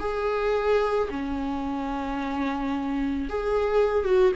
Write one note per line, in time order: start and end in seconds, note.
0.00 1.09 G#4
1.10 3.29 C#4
3.29 4.05 G#4
4.05 4.32 F#4